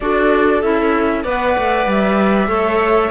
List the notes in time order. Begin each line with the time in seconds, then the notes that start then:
0.00 D4 F#4 A4 D5
0.61 C#4 E4 E5
1.23 B3 B4 D5 F#5
1.57 A3
1.85 G3 E5
2.47 A3 A4 C#5